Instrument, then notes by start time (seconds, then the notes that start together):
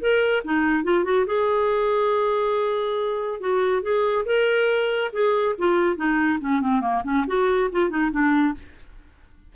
clarinet
0.00 A#4
0.44 D#4
0.84 F4
1.04 F#4
1.26 G#4
3.40 F#4
3.82 G#4
4.25 A#4
5.13 G#4
5.58 F4
5.96 D#4
6.40 C#4
6.61 C4
6.81 A#3
7.04 C#4
7.27 F#4
7.71 F4
7.90 D#4
8.11 D4